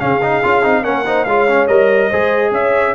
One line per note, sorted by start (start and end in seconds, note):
0.00 0.44 C#3
0.00 0.21 C#4
0.00 0.83 G#4
0.00 0.84 F5
0.23 0.44 D#4
0.44 0.65 C#4
0.44 0.63 F4
0.63 0.86 C4
0.63 0.84 D#4
0.83 1.27 A#3
0.83 1.05 C#4
0.83 1.04 A#4
0.83 1.25 F#5
1.07 1.28 D#4
1.07 1.27 C5
1.25 1.69 G#3
1.25 1.49 F4
1.25 2.10 C#5
1.25 1.67 F5
1.49 1.69 C#4
1.68 2.11 G3
1.68 2.11 A#4
1.68 2.52 D#5
2.10 2.52 G#3
2.10 2.96 G#4
2.10 2.52 C5
2.52 2.94 C#4
2.52 2.96 C#5
2.52 2.96 E5